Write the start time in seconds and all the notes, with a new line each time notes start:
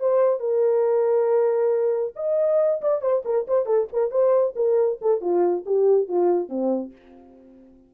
0.00 C5
0.40 A#4
2.16 D#5
2.81 D5
3.01 C5
3.25 A#4
3.47 C5
3.66 A4
3.92 A#4
4.11 C5
4.56 A#4
5.01 A4
5.21 F4
5.66 G4
6.08 F4
6.49 C4